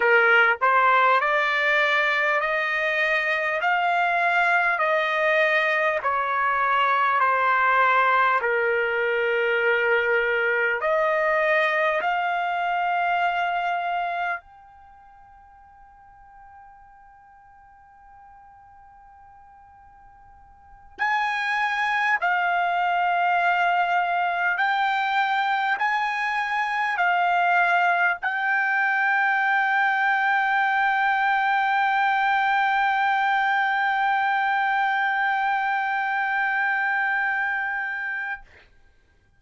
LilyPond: \new Staff \with { instrumentName = "trumpet" } { \time 4/4 \tempo 4 = 50 ais'8 c''8 d''4 dis''4 f''4 | dis''4 cis''4 c''4 ais'4~ | ais'4 dis''4 f''2 | g''1~ |
g''4. gis''4 f''4.~ | f''8 g''4 gis''4 f''4 g''8~ | g''1~ | g''1 | }